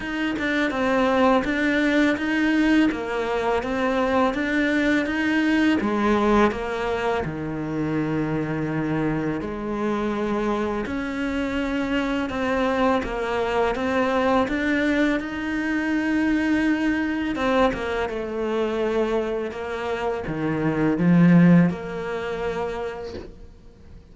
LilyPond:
\new Staff \with { instrumentName = "cello" } { \time 4/4 \tempo 4 = 83 dis'8 d'8 c'4 d'4 dis'4 | ais4 c'4 d'4 dis'4 | gis4 ais4 dis2~ | dis4 gis2 cis'4~ |
cis'4 c'4 ais4 c'4 | d'4 dis'2. | c'8 ais8 a2 ais4 | dis4 f4 ais2 | }